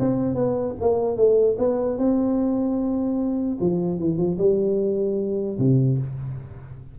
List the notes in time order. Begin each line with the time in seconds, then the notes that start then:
0.00 C4
0.35 B3
0.81 A#3
1.17 A3
1.59 B3
1.99 C4
3.61 F3
3.99 E3
4.18 F3
4.38 G3
5.59 C3